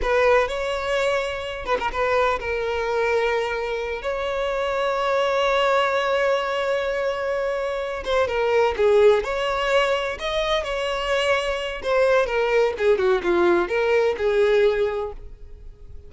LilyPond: \new Staff \with { instrumentName = "violin" } { \time 4/4 \tempo 4 = 127 b'4 cis''2~ cis''8 b'16 ais'16 | b'4 ais'2.~ | ais'8 cis''2.~ cis''8~ | cis''1~ |
cis''4 c''8 ais'4 gis'4 cis''8~ | cis''4. dis''4 cis''4.~ | cis''4 c''4 ais'4 gis'8 fis'8 | f'4 ais'4 gis'2 | }